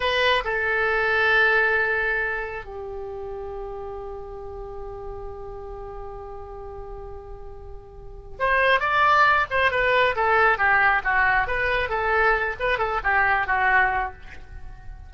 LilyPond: \new Staff \with { instrumentName = "oboe" } { \time 4/4 \tempo 4 = 136 b'4 a'2.~ | a'2 g'2~ | g'1~ | g'1~ |
g'2. c''4 | d''4. c''8 b'4 a'4 | g'4 fis'4 b'4 a'4~ | a'8 b'8 a'8 g'4 fis'4. | }